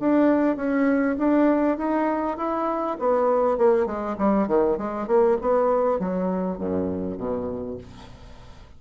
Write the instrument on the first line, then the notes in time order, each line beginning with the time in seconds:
bassoon
0.00 D4
0.57 C#4
1.18 D4
1.78 D#4
2.38 E4
3.00 B3
3.58 A#3
3.86 G#3
4.18 G3
4.48 D#3
4.78 G#3
5.07 A#3
5.42 B3
6.00 F#3
6.58 F#2
7.18 B2